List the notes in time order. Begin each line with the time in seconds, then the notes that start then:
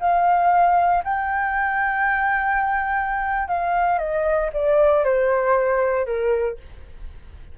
0.00 F5
1.04 G5
3.48 F5
3.98 D#5
4.53 D5
5.04 C5
6.06 A#4